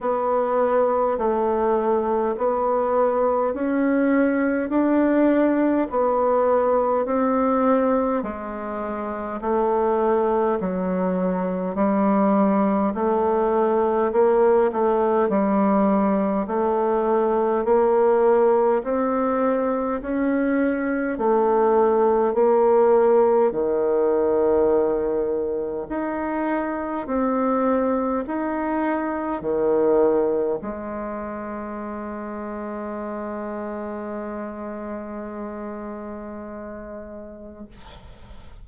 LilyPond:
\new Staff \with { instrumentName = "bassoon" } { \time 4/4 \tempo 4 = 51 b4 a4 b4 cis'4 | d'4 b4 c'4 gis4 | a4 fis4 g4 a4 | ais8 a8 g4 a4 ais4 |
c'4 cis'4 a4 ais4 | dis2 dis'4 c'4 | dis'4 dis4 gis2~ | gis1 | }